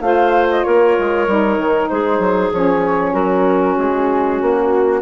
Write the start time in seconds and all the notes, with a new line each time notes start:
0.00 A3 F4 C5 F5
0.50 D#5
0.63 A#3 A#4 C#5
0.98 G#3
1.27 G3 D#4
1.57 D#3
1.89 G#3 G#4 C5
2.18 F#3
2.52 F3 C#4 C#5
3.12 F#3 F#4 A#4
3.77 G#3 G#4
4.41 A#3 F#4